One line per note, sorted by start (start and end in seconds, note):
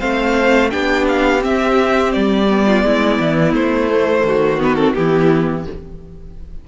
0.00 0.74 A3
0.00 0.71 C4
0.00 0.71 C5
0.00 0.71 F5
0.71 1.45 B3
0.71 1.40 D4
0.71 2.66 G4
0.71 1.06 G5
1.08 1.44 F5
1.40 2.46 C4
1.40 2.15 C4
1.40 2.13 E5
2.13 2.84 G3
2.13 3.54 D5
2.50 3.90 B3
2.67 2.85 F4
2.84 3.19 G#3
2.84 4.27 E4
3.20 3.53 E3
3.53 4.24 A3
3.53 4.61 C5
3.90 4.60 A3
4.25 4.95 D#3
4.25 4.97 F#4
4.60 4.77 B3
4.60 4.76 B4
4.76 4.95 C4
4.76 4.94 A4
4.94 5.67 E3
4.94 5.65 B3
4.94 5.68 E4
4.94 5.65 G4